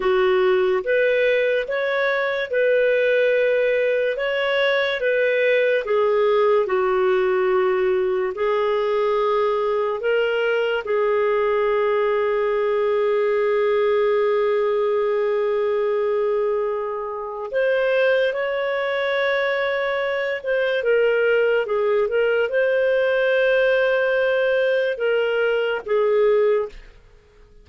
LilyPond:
\new Staff \with { instrumentName = "clarinet" } { \time 4/4 \tempo 4 = 72 fis'4 b'4 cis''4 b'4~ | b'4 cis''4 b'4 gis'4 | fis'2 gis'2 | ais'4 gis'2.~ |
gis'1~ | gis'4 c''4 cis''2~ | cis''8 c''8 ais'4 gis'8 ais'8 c''4~ | c''2 ais'4 gis'4 | }